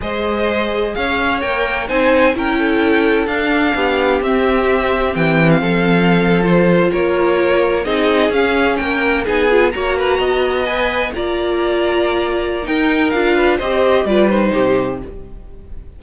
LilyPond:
<<
  \new Staff \with { instrumentName = "violin" } { \time 4/4 \tempo 4 = 128 dis''2 f''4 g''4 | gis''4 g''2 f''4~ | f''4 e''2 g''8. f''16~ | f''4.~ f''16 c''4 cis''4~ cis''16~ |
cis''8. dis''4 f''4 g''4 gis''16~ | gis''8. ais''2 gis''4 ais''16~ | ais''2. g''4 | f''4 dis''4 d''8 c''4. | }
  \new Staff \with { instrumentName = "violin" } { \time 4/4 c''2 cis''2 | c''4 ais'8 a'2~ a'8 | g'1 | a'2~ a'8. ais'4~ ais'16~ |
ais'8. gis'2 ais'4 gis'16~ | gis'8. cis''8 b'8 dis''2 d''16~ | d''2. ais'4~ | ais'8 b'8 c''4 b'4 g'4 | }
  \new Staff \with { instrumentName = "viola" } { \time 4/4 gis'2. ais'4 | dis'4 e'2 d'4~ | d'4 c'2.~ | c'4.~ c'16 f'2~ f'16~ |
f'8. dis'4 cis'2 dis'16~ | dis'16 f'8 fis'2 b'4 f'16~ | f'2. dis'4 | f'4 g'4 f'8 dis'4. | }
  \new Staff \with { instrumentName = "cello" } { \time 4/4 gis2 cis'4 ais4 | c'4 cis'2 d'4 | b4 c'2 e4 | f2~ f8. ais4~ ais16~ |
ais8. c'4 cis'4 ais4 b16~ | b8. ais4 b2 ais16~ | ais2. dis'4 | d'4 c'4 g4 c4 | }
>>